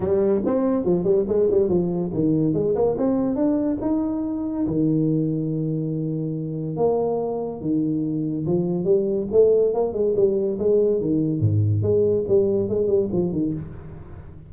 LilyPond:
\new Staff \with { instrumentName = "tuba" } { \time 4/4 \tempo 4 = 142 g4 c'4 f8 g8 gis8 g8 | f4 dis4 gis8 ais8 c'4 | d'4 dis'2 dis4~ | dis1 |
ais2 dis2 | f4 g4 a4 ais8 gis8 | g4 gis4 dis4 gis,4 | gis4 g4 gis8 g8 f8 dis8 | }